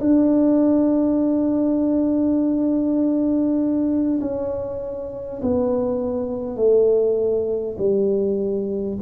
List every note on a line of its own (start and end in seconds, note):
0.00 4.20 D4
4.21 5.41 C#4
5.42 6.56 B3
6.56 7.76 A3
7.78 8.98 G3